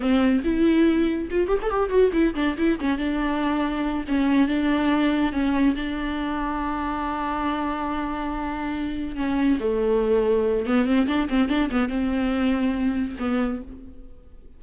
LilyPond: \new Staff \with { instrumentName = "viola" } { \time 4/4 \tempo 4 = 141 c'4 e'2 f'8 g'16 a'16 | g'8 fis'8 e'8 d'8 e'8 cis'8 d'4~ | d'4. cis'4 d'4.~ | d'8 cis'4 d'2~ d'8~ |
d'1~ | d'4. cis'4 a4.~ | a4 b8 c'8 d'8 c'8 d'8 b8 | c'2. b4 | }